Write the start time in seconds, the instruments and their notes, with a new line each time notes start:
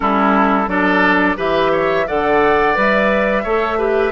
0.00 bassoon G3, clarinet C#4, oboe E4, flute A4
0.67 bassoon F#3, clarinet D4, oboe A4, flute D5
1.36 bassoon E3, clarinet G4, oboe B4, flute E5
1.71 oboe C#5
2.07 bassoon D3, clarinet A4, oboe D5, flute F#5
2.74 bassoon G3, clarinet B4, flute E5
3.43 bassoon A3, clarinet A4, oboe C#5
3.78 clarinet G4, oboe B4